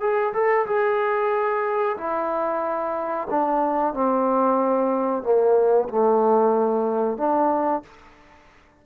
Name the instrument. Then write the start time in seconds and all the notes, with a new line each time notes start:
trombone
0.00 G#4
0.33 A4
0.66 G#4
1.97 E4
3.30 D4
3.94 C4
5.23 A#3
5.88 A3
7.17 D4